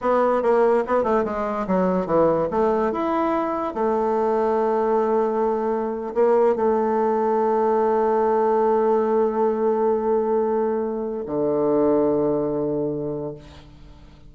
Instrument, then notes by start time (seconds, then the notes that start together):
bassoon
0.01 B3
0.42 A#3
0.87 B3
1.03 A3
1.24 G#3
1.67 F#3
2.06 E3
2.51 A3
2.92 E4
3.74 A3
6.14 A#3
6.55 A3
11.26 D3